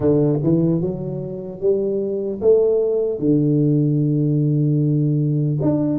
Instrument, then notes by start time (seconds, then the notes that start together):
tuba
0.00 D3
0.43 E3
0.81 F#3
1.60 G3
2.41 A3
3.19 D3
5.61 D4